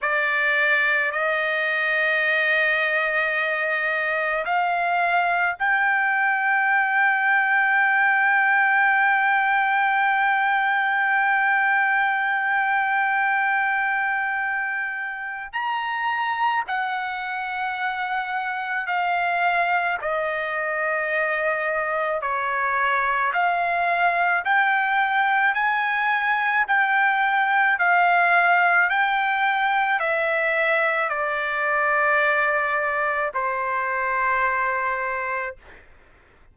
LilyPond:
\new Staff \with { instrumentName = "trumpet" } { \time 4/4 \tempo 4 = 54 d''4 dis''2. | f''4 g''2.~ | g''1~ | g''2 ais''4 fis''4~ |
fis''4 f''4 dis''2 | cis''4 f''4 g''4 gis''4 | g''4 f''4 g''4 e''4 | d''2 c''2 | }